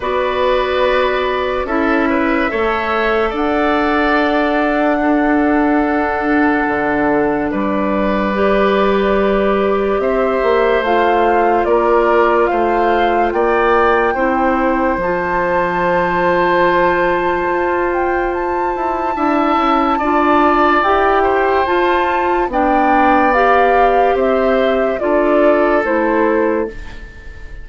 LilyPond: <<
  \new Staff \with { instrumentName = "flute" } { \time 4/4 \tempo 4 = 72 d''2 e''2 | fis''1~ | fis''4 d''2. | e''4 f''4 d''4 f''4 |
g''2 a''2~ | a''4. g''8 a''2~ | a''4 g''4 a''4 g''4 | f''4 e''4 d''4 c''4 | }
  \new Staff \with { instrumentName = "oboe" } { \time 4/4 b'2 a'8 b'8 cis''4 | d''2 a'2~ | a'4 b'2. | c''2 ais'4 c''4 |
d''4 c''2.~ | c''2. e''4 | d''4. c''4. d''4~ | d''4 c''4 a'2 | }
  \new Staff \with { instrumentName = "clarinet" } { \time 4/4 fis'2 e'4 a'4~ | a'2 d'2~ | d'2 g'2~ | g'4 f'2.~ |
f'4 e'4 f'2~ | f'2. e'4 | f'4 g'4 f'4 d'4 | g'2 f'4 e'4 | }
  \new Staff \with { instrumentName = "bassoon" } { \time 4/4 b2 cis'4 a4 | d'1 | d4 g2. | c'8 ais8 a4 ais4 a4 |
ais4 c'4 f2~ | f4 f'4. e'8 d'8 cis'8 | d'4 e'4 f'4 b4~ | b4 c'4 d'4 a4 | }
>>